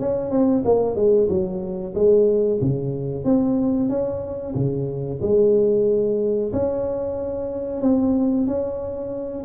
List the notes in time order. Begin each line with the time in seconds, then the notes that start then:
0.00 C#4
0.31 C4
0.65 A#3
0.96 G#3
1.30 F#3
1.95 G#3
2.61 C#3
3.25 C4
3.90 C#4
4.55 C#3
5.22 G#3
6.53 C#4
7.82 C4
8.47 C#4